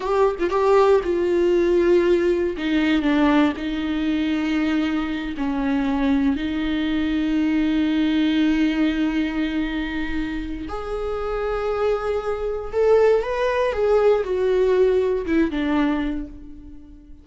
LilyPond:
\new Staff \with { instrumentName = "viola" } { \time 4/4 \tempo 4 = 118 g'8. f'16 g'4 f'2~ | f'4 dis'4 d'4 dis'4~ | dis'2~ dis'8 cis'4.~ | cis'8 dis'2.~ dis'8~ |
dis'1~ | dis'4 gis'2.~ | gis'4 a'4 b'4 gis'4 | fis'2 e'8 d'4. | }